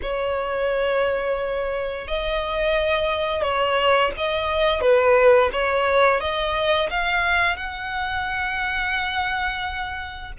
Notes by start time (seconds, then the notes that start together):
0.02 C#5
2.07 D#5
3.42 C#5
4.17 D#5
4.81 B4
5.52 C#5
6.20 D#5
6.90 F5
7.56 F#5